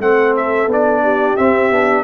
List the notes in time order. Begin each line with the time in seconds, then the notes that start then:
0.00 A3 C4 A4 F#5
0.37 E5
0.67 B3 D4 D5
1.03 G4
1.37 C4 E5
1.71 B3 D4